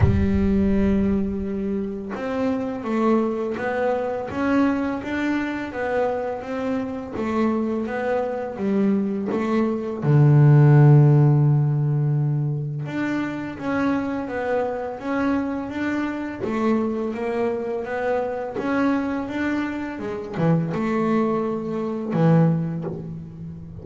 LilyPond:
\new Staff \with { instrumentName = "double bass" } { \time 4/4 \tempo 4 = 84 g2. c'4 | a4 b4 cis'4 d'4 | b4 c'4 a4 b4 | g4 a4 d2~ |
d2 d'4 cis'4 | b4 cis'4 d'4 a4 | ais4 b4 cis'4 d'4 | gis8 e8 a2 e4 | }